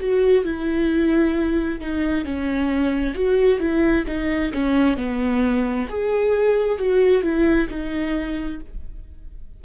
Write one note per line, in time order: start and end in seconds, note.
0.00 0.45 F#4
0.45 1.81 E4
1.81 2.25 D#4
2.25 3.14 C#4
3.14 3.60 F#4
3.60 4.05 E4
4.07 4.52 D#4
4.53 4.97 C#4
4.97 5.88 B3
5.89 6.79 G#4
6.79 7.23 F#4
7.23 7.68 E4
7.69 8.60 D#4